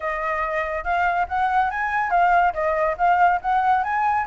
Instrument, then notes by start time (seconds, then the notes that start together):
flute
0.00 D#5
0.84 F5
1.28 F#5
1.70 G#5
2.10 F5
2.53 D#5
2.97 F5
3.41 F#5
3.83 G#5